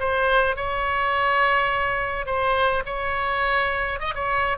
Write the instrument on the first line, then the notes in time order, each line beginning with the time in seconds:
oboe
0.00 C5
0.56 C#5
2.26 C5
2.86 C#5
4.00 D#5
4.15 C#5